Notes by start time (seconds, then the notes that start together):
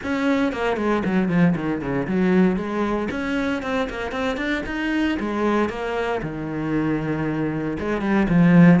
0.03 C#4
0.52 A#3
0.76 G#3
1.05 F#3
1.28 F3
1.55 D#3
1.81 C#3
2.07 F#3
2.56 G#3
3.11 C#4
3.62 C4
3.89 A#3
4.11 C4
4.36 D4
4.66 D#4
5.19 G#3
5.69 A#3
6.22 D#3
7.79 G#3
8.01 G3
8.28 F3